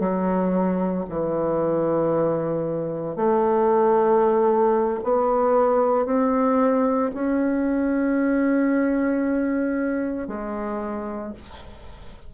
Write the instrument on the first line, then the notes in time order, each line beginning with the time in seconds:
bassoon
0.00 F#3
1.09 E3
3.16 A3
5.04 B3
6.06 C4
7.14 C#4
10.28 G#3